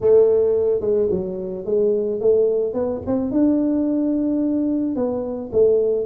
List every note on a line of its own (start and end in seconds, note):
0.01 0.81 A3
0.81 1.08 G#3
1.10 1.65 F#3
1.65 2.20 G#3
2.20 2.73 A3
2.73 3.01 B3
3.06 3.31 C4
3.31 4.95 D4
4.95 5.50 B3
5.52 6.06 A3